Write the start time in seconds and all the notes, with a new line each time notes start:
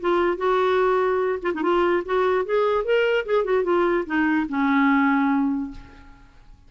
0.00 F4
0.37 F#4
1.42 F4
1.54 D#4
1.62 F4
2.05 F#4
2.45 G#4
2.84 A#4
3.25 G#4
3.44 F#4
3.63 F4
4.05 D#4
4.48 C#4